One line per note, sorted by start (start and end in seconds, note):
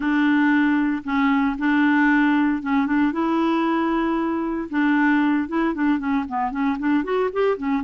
0.00 1.02 D4
1.04 1.56 C#4
1.58 2.62 D4
2.62 2.86 C#4
2.86 3.12 D4
3.12 4.68 E4
4.70 5.48 D4
5.48 5.74 E4
5.74 5.99 D4
5.99 6.25 C#4
6.28 6.51 B3
6.51 6.77 C#4
6.78 7.04 D4
7.04 7.30 F#4
7.33 7.57 G4
7.57 7.83 C#4